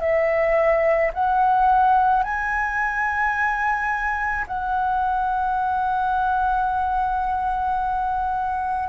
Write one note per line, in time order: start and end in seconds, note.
0.00 1.11 E5
1.14 2.23 F#5
2.23 4.45 G#5
4.47 8.89 F#5